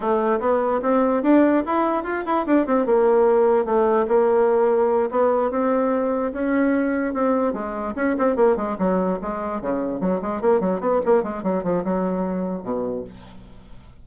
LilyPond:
\new Staff \with { instrumentName = "bassoon" } { \time 4/4 \tempo 4 = 147 a4 b4 c'4 d'4 | e'4 f'8 e'8 d'8 c'8 ais4~ | ais4 a4 ais2~ | ais8 b4 c'2 cis'8~ |
cis'4. c'4 gis4 cis'8 | c'8 ais8 gis8 fis4 gis4 cis8~ | cis8 fis8 gis8 ais8 fis8 b8 ais8 gis8 | fis8 f8 fis2 b,4 | }